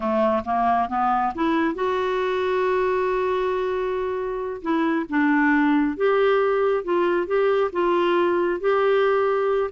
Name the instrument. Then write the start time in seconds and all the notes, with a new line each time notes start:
clarinet
0.00 A3
0.45 A#3
0.88 B3
1.34 E4
1.74 F#4
4.61 E4
5.09 D4
5.96 G4
6.84 F4
7.26 G4
7.72 F4
8.60 G4